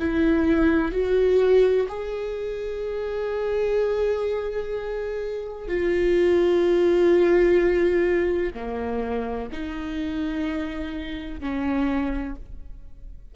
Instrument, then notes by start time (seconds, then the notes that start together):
viola
0.00 E4
0.93 F#4
1.89 G#4
5.68 F4
8.55 A#3
9.53 D#4
11.41 C#4